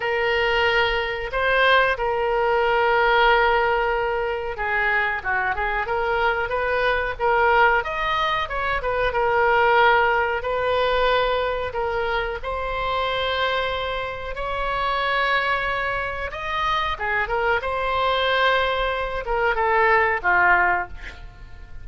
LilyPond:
\new Staff \with { instrumentName = "oboe" } { \time 4/4 \tempo 4 = 92 ais'2 c''4 ais'4~ | ais'2. gis'4 | fis'8 gis'8 ais'4 b'4 ais'4 | dis''4 cis''8 b'8 ais'2 |
b'2 ais'4 c''4~ | c''2 cis''2~ | cis''4 dis''4 gis'8 ais'8 c''4~ | c''4. ais'8 a'4 f'4 | }